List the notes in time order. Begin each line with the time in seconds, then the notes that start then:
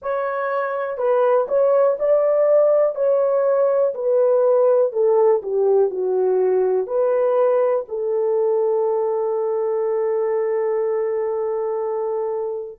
0.01 C#5
0.97 B4
1.48 C#5
1.99 D5
2.95 C#5
3.94 B4
4.92 A4
5.42 G4
5.90 F#4
6.86 B4
7.88 A4